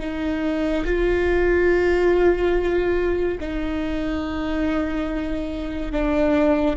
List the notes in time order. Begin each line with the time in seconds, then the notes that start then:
0.00 D#4
0.85 F4
3.40 D#4
5.92 D4